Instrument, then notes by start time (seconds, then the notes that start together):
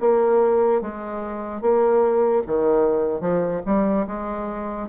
bassoon
0.00 A#3
0.81 G#3
1.61 A#3
2.47 D#3
3.21 F3
3.66 G3
4.07 G#3